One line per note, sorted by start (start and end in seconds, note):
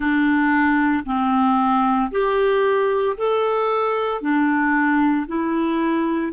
0.00 1.03 D4
1.05 2.11 C4
2.11 3.16 G4
3.17 4.21 A4
4.21 5.26 D4
5.27 6.32 E4